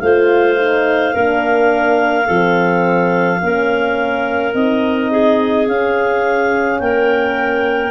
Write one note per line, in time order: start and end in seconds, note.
0.00 1.15 A3
0.00 0.58 F4
0.00 1.14 C5
0.00 4.53 F5
0.58 1.14 D#4
1.14 2.29 A#3
1.14 2.26 D4
1.14 2.27 A#4
2.26 3.42 F3
2.26 3.39 C4
2.26 3.40 A4
3.42 4.54 A#3
3.42 4.55 C#4
3.42 5.11 A#4
4.54 5.67 C4
4.54 5.67 D#4
4.54 5.68 D#5
5.11 6.81 G#4
5.67 7.92 C#4
5.67 6.80 C#4
5.67 6.80 F5
6.80 7.92 A#3
6.80 7.92 A#4
6.80 7.92 G5